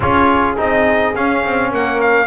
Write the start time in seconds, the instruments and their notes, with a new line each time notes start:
0.00 double bass C#4, trombone F4, horn G#4, trumpet C#5
0.56 double bass C4, trombone D#4, trumpet D#5
1.15 double bass C#4, trombone C#4, trumpet F5
1.44 double bass C4
1.71 double bass A#3, horn A#4, trumpet F#5
2.00 trumpet F5